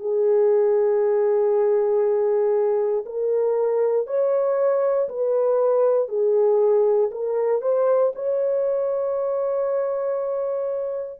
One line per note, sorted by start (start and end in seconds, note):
0.00 3.05 G#4
3.06 4.07 A#4
4.07 5.09 C#5
5.09 6.09 B4
6.09 7.10 G#4
7.11 7.62 A#4
7.62 8.13 C5
8.15 11.20 C#5